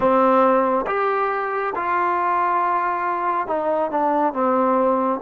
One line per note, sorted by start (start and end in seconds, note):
0.00 0.85 C4
0.86 1.73 G4
1.75 3.47 F4
3.47 3.91 D#4
3.91 4.33 D4
4.33 5.20 C4